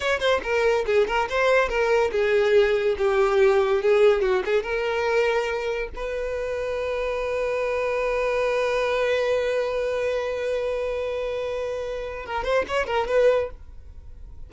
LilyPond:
\new Staff \with { instrumentName = "violin" } { \time 4/4 \tempo 4 = 142 cis''8 c''8 ais'4 gis'8 ais'8 c''4 | ais'4 gis'2 g'4~ | g'4 gis'4 fis'8 gis'8 ais'4~ | ais'2 b'2~ |
b'1~ | b'1~ | b'1~ | b'4 ais'8 c''8 cis''8 ais'8 b'4 | }